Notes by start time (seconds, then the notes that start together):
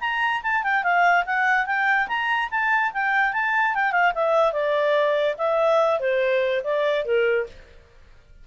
0.00 A#5
0.42 A5
0.63 G5
0.83 F5
1.26 F#5
1.66 G5
2.07 A#5
2.50 A5
2.93 G5
3.33 A5
3.74 G5
3.91 F5
4.14 E5
4.52 D5
5.37 E5
5.99 C5
6.64 D5
7.05 A#4